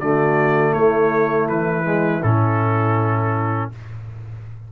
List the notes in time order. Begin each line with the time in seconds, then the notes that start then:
0.00 D3 A3 F#4 D5
0.73 A3 E4 C#5
1.48 E3 B4
1.84 G#3
2.23 A2 C#4 A4